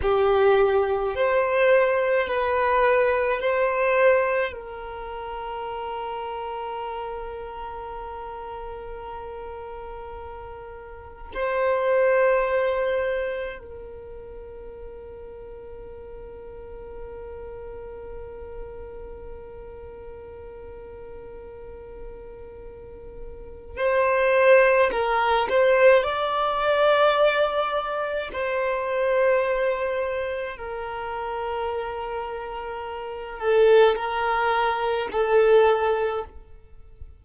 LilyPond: \new Staff \with { instrumentName = "violin" } { \time 4/4 \tempo 4 = 53 g'4 c''4 b'4 c''4 | ais'1~ | ais'2 c''2 | ais'1~ |
ais'1~ | ais'4 c''4 ais'8 c''8 d''4~ | d''4 c''2 ais'4~ | ais'4. a'8 ais'4 a'4 | }